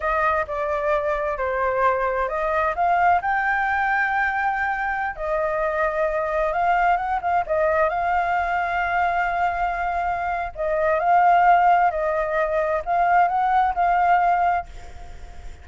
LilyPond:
\new Staff \with { instrumentName = "flute" } { \time 4/4 \tempo 4 = 131 dis''4 d''2 c''4~ | c''4 dis''4 f''4 g''4~ | g''2.~ g''16 dis''8.~ | dis''2~ dis''16 f''4 fis''8 f''16~ |
f''16 dis''4 f''2~ f''8.~ | f''2. dis''4 | f''2 dis''2 | f''4 fis''4 f''2 | }